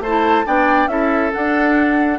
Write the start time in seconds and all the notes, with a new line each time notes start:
0.00 A3 C5 A5
0.07 E4
0.45 B3 D4 D5 G5
0.87 C#4 E4 A4 E5
1.33 D4 F#5